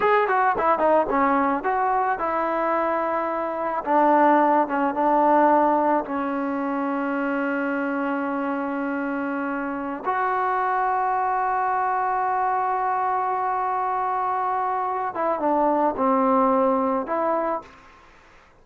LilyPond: \new Staff \with { instrumentName = "trombone" } { \time 4/4 \tempo 4 = 109 gis'8 fis'8 e'8 dis'8 cis'4 fis'4 | e'2. d'4~ | d'8 cis'8 d'2 cis'4~ | cis'1~ |
cis'2~ cis'16 fis'4.~ fis'16~ | fis'1~ | fis'2.~ fis'8 e'8 | d'4 c'2 e'4 | }